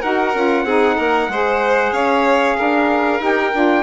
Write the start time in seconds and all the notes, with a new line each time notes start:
0.00 D#4 F#4 A#4 F#5
0.34 C#4 F4
0.64 C4 D#4 G#4
0.97 A#3 A#4
1.28 G#3 G#4 C5
1.92 C#4 C#5 F5
2.57 D4 A#4
3.19 D#4 G4
3.25 G5
3.53 D4 F4